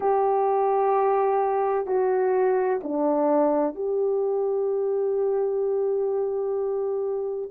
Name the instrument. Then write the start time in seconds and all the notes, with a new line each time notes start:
horn
0.00 G4
1.86 F#4
2.83 D4
3.75 G4